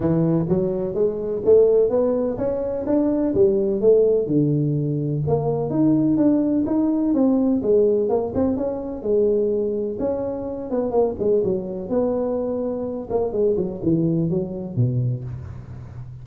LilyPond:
\new Staff \with { instrumentName = "tuba" } { \time 4/4 \tempo 4 = 126 e4 fis4 gis4 a4 | b4 cis'4 d'4 g4 | a4 d2 ais4 | dis'4 d'4 dis'4 c'4 |
gis4 ais8 c'8 cis'4 gis4~ | gis4 cis'4. b8 ais8 gis8 | fis4 b2~ b8 ais8 | gis8 fis8 e4 fis4 b,4 | }